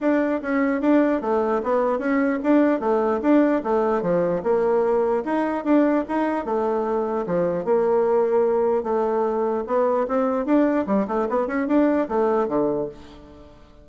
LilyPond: \new Staff \with { instrumentName = "bassoon" } { \time 4/4 \tempo 4 = 149 d'4 cis'4 d'4 a4 | b4 cis'4 d'4 a4 | d'4 a4 f4 ais4~ | ais4 dis'4 d'4 dis'4 |
a2 f4 ais4~ | ais2 a2 | b4 c'4 d'4 g8 a8 | b8 cis'8 d'4 a4 d4 | }